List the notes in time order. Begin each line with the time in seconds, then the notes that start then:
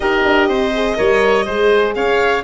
0.00 D#4 G4 A#4 D#5
0.24 D4
0.48 C4 C5
0.74 G#4
0.96 G3 A#4 C#5
1.45 G#3 G#4 C5
1.95 C#4 C#5 F5